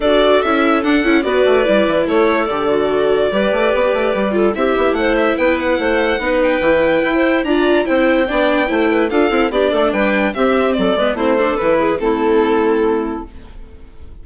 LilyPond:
<<
  \new Staff \with { instrumentName = "violin" } { \time 4/4 \tempo 4 = 145 d''4 e''4 fis''4 d''4~ | d''4 cis''4 d''2~ | d''2. e''4 | fis''8 e''8 g''8 fis''2 g''8~ |
g''2 ais''4 g''4~ | g''2 f''4 d''4 | g''4 e''4 d''4 c''4 | b'4 a'2. | }
  \new Staff \with { instrumentName = "clarinet" } { \time 4/4 a'2. b'4~ | b'4 a'2. | b'2~ b'8 a'8 g'4 | c''4 b'4 c''4 b'4~ |
b'4~ b'16 c''8. d''4 c''4 | d''4 c''8 b'8 a'4 g'8 a'8 | b'4 g'4 a'8 b'8 e'8 a'8~ | a'8 gis'8 e'2. | }
  \new Staff \with { instrumentName = "viola" } { \time 4/4 fis'4 e'4 d'8 e'8 fis'4 | e'2 g'8 fis'4. | g'2~ g'8 f'8 e'4~ | e'2. dis'4 |
e'2 f'4 e'4 | d'4 e'4 f'8 e'8 d'4~ | d'4 c'4. b8 c'8 d'8 | e'4 c'2. | }
  \new Staff \with { instrumentName = "bassoon" } { \time 4/4 d'4 cis'4 d'8 cis'8 b8 a8 | g8 e8 a4 d2 | g8 a8 b8 a8 g4 c'8 b8 | a4 b4 a4 b4 |
e4 e'4 d'4 c'4 | b4 a4 d'8 c'8 b8 a8 | g4 c'4 fis8 gis8 a4 | e4 a2. | }
>>